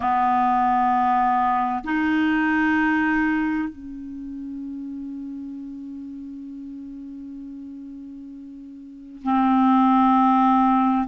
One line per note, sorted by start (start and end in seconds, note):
0.00 1.83 B3
1.84 3.68 D#4
3.68 9.22 C#4
9.23 11.07 C4